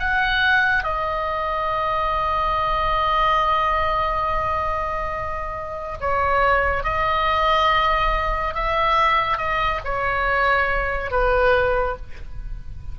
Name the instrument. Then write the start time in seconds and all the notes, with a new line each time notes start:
oboe
0.00 F#5
0.84 D#5
6.01 C#5
6.84 D#5
8.55 E5
9.38 D#5
9.85 C#5
11.11 B4